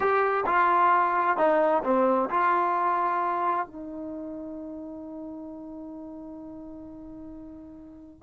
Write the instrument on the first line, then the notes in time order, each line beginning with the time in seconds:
trombone
0.00 G4
0.46 F4
1.37 D#4
1.83 C4
2.30 F4
3.66 D#4